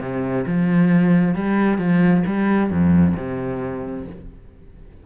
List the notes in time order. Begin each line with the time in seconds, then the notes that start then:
0.00 C3
0.46 F3
1.35 G3
1.78 F3
2.26 G3
2.70 F2
3.16 C3